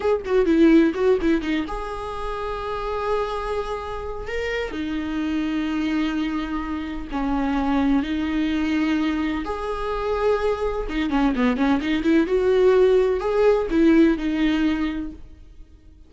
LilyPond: \new Staff \with { instrumentName = "viola" } { \time 4/4 \tempo 4 = 127 gis'8 fis'8 e'4 fis'8 e'8 dis'8 gis'8~ | gis'1~ | gis'4 ais'4 dis'2~ | dis'2. cis'4~ |
cis'4 dis'2. | gis'2. dis'8 cis'8 | b8 cis'8 dis'8 e'8 fis'2 | gis'4 e'4 dis'2 | }